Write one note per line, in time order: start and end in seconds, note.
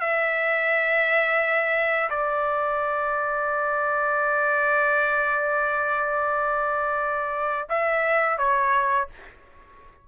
0.00 2.09 E5
2.10 7.68 D5
7.69 8.38 E5
8.38 9.08 C#5